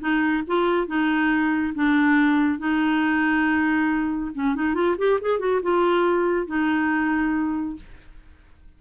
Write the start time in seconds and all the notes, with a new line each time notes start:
0.00 D#4
0.47 F4
0.87 D#4
1.75 D4
2.59 D#4
4.34 C#4
4.55 D#4
4.74 F4
4.98 G4
5.21 G#4
5.39 F#4
5.63 F4
6.46 D#4